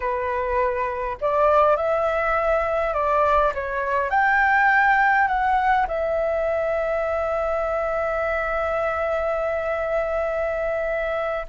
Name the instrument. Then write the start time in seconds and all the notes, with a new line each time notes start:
flute
0.00 B4
1.20 D5
1.76 E5
2.93 D5
3.54 C#5
4.10 G5
5.27 F#5
5.87 E5